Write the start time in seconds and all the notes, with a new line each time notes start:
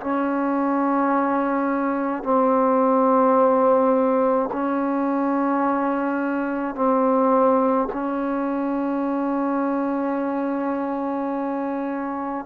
0.00 C#4
2.23 C4
4.52 C#4
6.75 C4
7.92 C#4